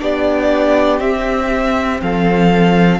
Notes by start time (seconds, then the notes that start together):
0.00 B3 D4 G4 D5
1.00 C4 E5
2.02 F3 A4 F5